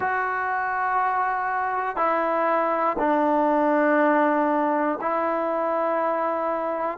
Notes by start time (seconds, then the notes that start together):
0.00 F#4
1.96 E4
2.98 D4
5.01 E4